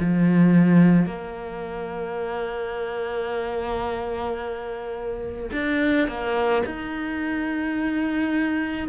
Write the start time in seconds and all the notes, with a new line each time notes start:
0.00 F3
1.06 A#3
5.53 D4
6.08 A#3
6.66 D#4